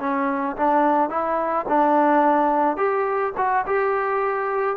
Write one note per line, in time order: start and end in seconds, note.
0.00 0.56 C#4
0.56 1.10 D4
1.10 1.66 E4
1.69 2.77 D4
2.77 3.33 G4
3.37 3.66 F#4
3.67 4.77 G4